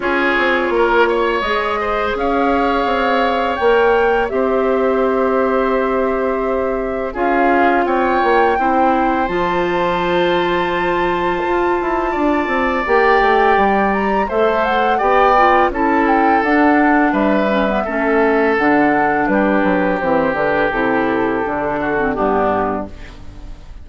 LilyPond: <<
  \new Staff \with { instrumentName = "flute" } { \time 4/4 \tempo 4 = 84 cis''2 dis''4 f''4~ | f''4 g''4 e''2~ | e''2 f''4 g''4~ | g''4 a''2.~ |
a''2 g''4. ais''8 | e''8 fis''8 g''4 a''8 g''8 fis''4 | e''2 fis''4 b'4 | c''8 b'8 a'2 g'4 | }
  \new Staff \with { instrumentName = "oboe" } { \time 4/4 gis'4 ais'8 cis''4 c''8 cis''4~ | cis''2 c''2~ | c''2 gis'4 cis''4 | c''1~ |
c''4 d''2. | c''4 d''4 a'2 | b'4 a'2 g'4~ | g'2~ g'8 fis'8 d'4 | }
  \new Staff \with { instrumentName = "clarinet" } { \time 4/4 f'2 gis'2~ | gis'4 ais'4 g'2~ | g'2 f'2 | e'4 f'2.~ |
f'2 g'2 | a'4 g'8 f'8 e'4 d'4~ | d'8 cis'16 b16 cis'4 d'2 | c'8 d'8 e'4 d'8. c'16 b4 | }
  \new Staff \with { instrumentName = "bassoon" } { \time 4/4 cis'8 c'8 ais4 gis4 cis'4 | c'4 ais4 c'2~ | c'2 cis'4 c'8 ais8 | c'4 f2. |
f'8 e'8 d'8 c'8 ais8 a8 g4 | a4 b4 cis'4 d'4 | g4 a4 d4 g8 fis8 | e8 d8 c4 d4 g,4 | }
>>